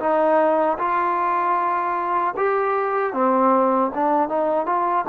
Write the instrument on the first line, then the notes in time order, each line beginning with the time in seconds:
trombone
0.00 D#4
0.79 F4
2.37 G4
3.14 C4
3.95 D4
4.29 D#4
4.66 F4